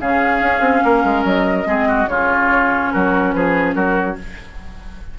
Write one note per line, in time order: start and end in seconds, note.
0.00 0.41 C#3
0.00 1.65 C#4
0.00 0.84 G#4
0.00 1.25 F5
0.41 0.60 C#4
0.60 0.81 C4
0.84 1.04 A#3
0.84 1.67 A#4
1.04 1.24 G#3
1.24 1.66 F#3
1.24 2.08 D#5
1.65 2.07 G#3
1.65 2.07 C4
1.65 1.88 G#4
1.88 2.09 F#4
2.07 2.90 C#3
2.07 4.19 C#4
2.07 2.93 F4
2.07 2.92 C#5
2.92 3.35 F#3
2.92 3.35 F#4
2.92 3.32 A#4
3.32 3.75 F3
3.32 3.75 G#4
3.32 3.74 B4
3.74 4.17 F#3
3.74 4.16 F#4
3.74 4.16 A#4